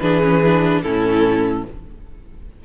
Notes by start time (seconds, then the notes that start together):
0.00 E3 D4 G#4 B4
0.22 C#4
0.44 D4
0.83 A2 C#4 E4 A4